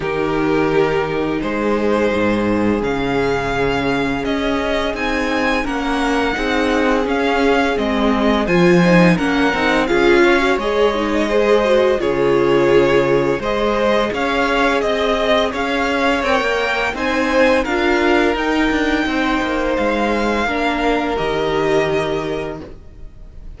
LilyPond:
<<
  \new Staff \with { instrumentName = "violin" } { \time 4/4 \tempo 4 = 85 ais'2 c''2 | f''2 dis''4 gis''4 | fis''2 f''4 dis''4 | gis''4 fis''4 f''4 dis''4~ |
dis''4 cis''2 dis''4 | f''4 dis''4 f''4 g''4 | gis''4 f''4 g''2 | f''2 dis''2 | }
  \new Staff \with { instrumentName = "violin" } { \time 4/4 g'2 gis'2~ | gis'1 | ais'4 gis'2. | c''4 ais'4 gis'8 cis''4. |
c''4 gis'2 c''4 | cis''4 dis''4 cis''2 | c''4 ais'2 c''4~ | c''4 ais'2. | }
  \new Staff \with { instrumentName = "viola" } { \time 4/4 dis'1 | cis'2. dis'4 | cis'4 dis'4 cis'4 c'4 | f'8 dis'8 cis'8 dis'8 f'8. fis'16 gis'8 dis'8 |
gis'8 fis'8 f'2 gis'4~ | gis'2. ais'4 | dis'4 f'4 dis'2~ | dis'4 d'4 g'2 | }
  \new Staff \with { instrumentName = "cello" } { \time 4/4 dis2 gis4 gis,4 | cis2 cis'4 c'4 | ais4 c'4 cis'4 gis4 | f4 ais8 c'8 cis'4 gis4~ |
gis4 cis2 gis4 | cis'4 c'4 cis'4 c'16 ais8. | c'4 d'4 dis'8 d'8 c'8 ais8 | gis4 ais4 dis2 | }
>>